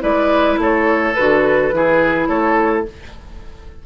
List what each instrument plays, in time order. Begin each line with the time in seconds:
0.00 bassoon G#3, clarinet E4, oboe B4, flute D5
0.58 bassoon A3, oboe A4, flute C#5
1.14 bassoon D3, clarinet F#4, flute B4
1.72 bassoon E3, clarinet E4, oboe G#4
2.27 bassoon A3, oboe A4, flute C#5